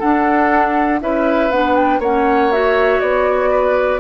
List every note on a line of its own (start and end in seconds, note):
0.00 1.01 D4
0.00 1.02 D4
0.00 1.00 A4
0.00 1.00 F#5
1.01 1.50 C#4
1.01 1.51 E4
1.01 2.00 B4
1.01 1.51 E5
1.50 1.99 B3
1.50 2.02 D4
1.50 1.76 F#5
1.76 2.01 G5
1.99 2.99 A#3
1.99 2.52 C#4
1.99 3.50 C#5
1.99 2.52 F#5
2.52 4.00 F#4
2.52 3.01 E5
3.01 4.00 B3
3.01 4.00 D5
3.51 4.00 B4